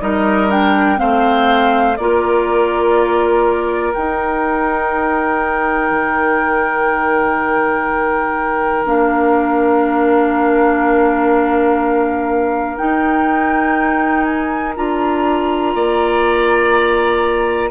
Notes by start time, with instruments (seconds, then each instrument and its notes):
0.00 bassoon G3, clarinet D#4, oboe A#4, flute D#5
0.49 clarinet D4, flute G5
0.97 bassoon A3, clarinet C4, oboe C5, flute F5
1.96 bassoon A#3, clarinet F4, oboe A#4, flute D5
3.93 clarinet D#4, bassoon D#4, flute G5
5.91 bassoon D#3
8.85 bassoon A#3, clarinet D4, flute F5
12.77 clarinet D#4, bassoon D#4, flute G5
14.24 flute G#5
14.76 bassoon D4, clarinet F4, flute A#5
15.74 bassoon A#3, oboe D5